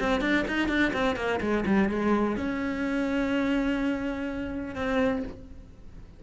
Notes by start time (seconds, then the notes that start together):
0.00 C4
0.21 D4
0.48 D#4
0.68 D4
0.93 C4
1.16 A#3
1.40 G#3
1.66 G3
1.89 G#3
2.37 C#4
4.75 C4